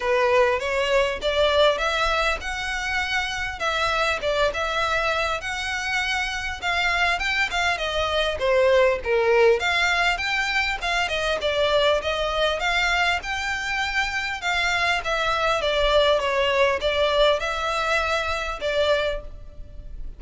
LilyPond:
\new Staff \with { instrumentName = "violin" } { \time 4/4 \tempo 4 = 100 b'4 cis''4 d''4 e''4 | fis''2 e''4 d''8 e''8~ | e''4 fis''2 f''4 | g''8 f''8 dis''4 c''4 ais'4 |
f''4 g''4 f''8 dis''8 d''4 | dis''4 f''4 g''2 | f''4 e''4 d''4 cis''4 | d''4 e''2 d''4 | }